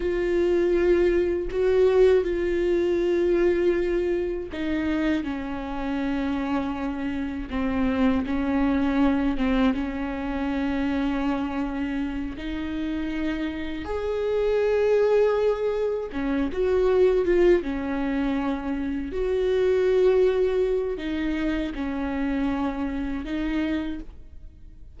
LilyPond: \new Staff \with { instrumentName = "viola" } { \time 4/4 \tempo 4 = 80 f'2 fis'4 f'4~ | f'2 dis'4 cis'4~ | cis'2 c'4 cis'4~ | cis'8 c'8 cis'2.~ |
cis'8 dis'2 gis'4.~ | gis'4. cis'8 fis'4 f'8 cis'8~ | cis'4. fis'2~ fis'8 | dis'4 cis'2 dis'4 | }